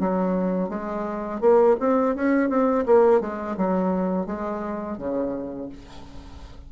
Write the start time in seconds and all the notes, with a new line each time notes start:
0.00 F#3
0.69 G#3
1.41 A#3
1.80 C4
2.15 C#4
2.49 C4
2.86 A#3
3.21 G#3
3.57 F#3
4.26 G#3
4.98 C#3